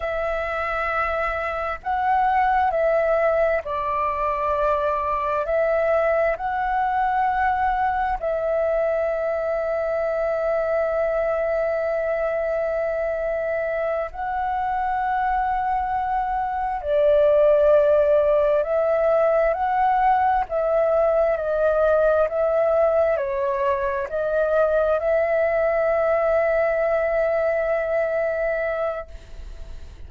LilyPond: \new Staff \with { instrumentName = "flute" } { \time 4/4 \tempo 4 = 66 e''2 fis''4 e''4 | d''2 e''4 fis''4~ | fis''4 e''2.~ | e''2.~ e''8 fis''8~ |
fis''2~ fis''8 d''4.~ | d''8 e''4 fis''4 e''4 dis''8~ | dis''8 e''4 cis''4 dis''4 e''8~ | e''1 | }